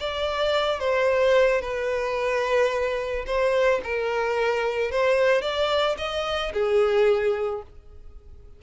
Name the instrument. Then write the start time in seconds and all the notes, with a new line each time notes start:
violin
0.00 D5
0.79 C5
1.61 B4
3.26 C5
3.83 A#4
4.91 C5
5.41 D5
5.98 D#5
6.53 G#4